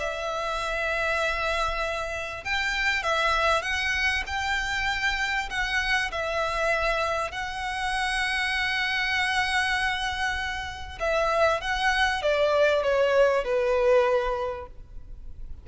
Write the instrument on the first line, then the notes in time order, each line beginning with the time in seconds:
violin
0.00 E5
2.44 G5
3.03 E5
3.63 F#5
4.27 G5
5.50 F#5
6.12 E5
7.32 F#5
11.00 E5
11.61 F#5
12.23 D5
12.83 C#5
13.44 B4